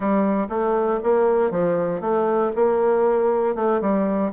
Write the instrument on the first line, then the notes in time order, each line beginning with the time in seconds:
bassoon
0.00 G3
0.49 A3
1.03 A#3
1.50 F3
2.00 A3
2.55 A#3
3.55 A3
3.81 G3